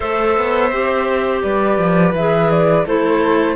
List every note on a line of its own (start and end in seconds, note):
0.00 0.37 A3
0.00 0.72 A4
0.00 1.42 C5
0.00 1.40 E5
0.37 0.71 B3
0.71 1.43 C4
0.71 2.15 G4
1.42 1.78 G3
1.42 2.85 B4
1.42 2.13 D5
1.78 2.12 F3
2.12 2.84 E3
2.12 2.86 G#4
2.12 2.50 E5
2.50 2.86 D5
2.85 3.55 A3
2.85 3.55 E4
2.85 3.55 A4
2.85 3.55 C5